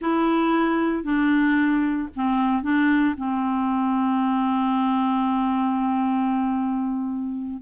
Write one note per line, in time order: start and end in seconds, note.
0.01 1.03 E4
1.03 2.08 D4
2.15 2.62 C4
2.62 3.15 D4
3.17 7.61 C4